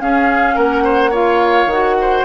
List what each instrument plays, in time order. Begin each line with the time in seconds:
0.00 bassoon C#4, clarinet C#4, oboe G#4, flute F5
0.55 bassoon A#3, oboe A#4, flute F#5
0.84 oboe C5
1.10 clarinet F4, oboe C#5, flute F5
1.66 bassoon D#3, clarinet F#4, flute F#5
2.01 oboe C5